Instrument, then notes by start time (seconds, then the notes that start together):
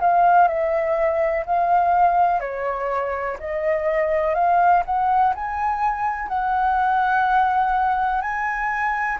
flute
0.00 F5
0.48 E5
1.46 F5
2.40 C#5
3.39 D#5
4.34 F5
4.85 F#5
5.34 G#5
6.28 F#5
8.21 G#5